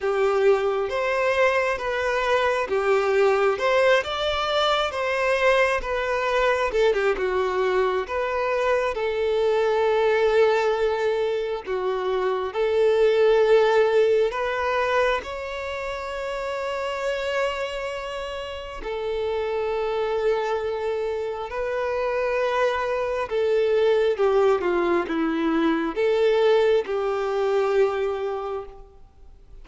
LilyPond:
\new Staff \with { instrumentName = "violin" } { \time 4/4 \tempo 4 = 67 g'4 c''4 b'4 g'4 | c''8 d''4 c''4 b'4 a'16 g'16 | fis'4 b'4 a'2~ | a'4 fis'4 a'2 |
b'4 cis''2.~ | cis''4 a'2. | b'2 a'4 g'8 f'8 | e'4 a'4 g'2 | }